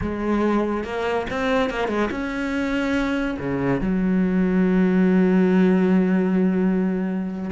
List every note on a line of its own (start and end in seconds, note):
0.01 0.84 G#3
0.84 1.26 A#3
1.29 1.70 C4
1.70 1.87 A#3
1.87 2.09 G#3
2.10 3.37 C#4
3.39 3.80 C#3
3.80 7.50 F#3